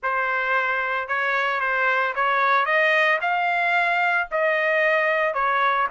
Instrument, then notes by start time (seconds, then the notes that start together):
trumpet
0.02 C5
1.08 C#5
1.60 C5
2.15 C#5
2.65 D#5
3.21 F5
4.31 D#5
5.34 C#5